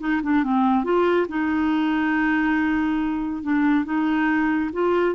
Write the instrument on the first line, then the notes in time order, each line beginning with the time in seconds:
clarinet
0.00 D#4
0.23 D4
0.44 C4
0.84 F4
1.29 D#4
3.43 D4
3.85 D#4
4.73 F4